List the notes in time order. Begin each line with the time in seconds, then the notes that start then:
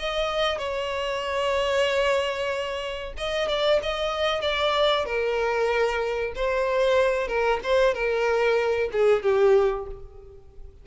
0.00 D#5
0.59 C#5
3.18 D#5
3.48 D5
3.83 D#5
4.42 D5
5.06 A#4
6.36 C5
7.29 A#4
7.64 C5
7.95 A#4
8.92 G#4
9.23 G4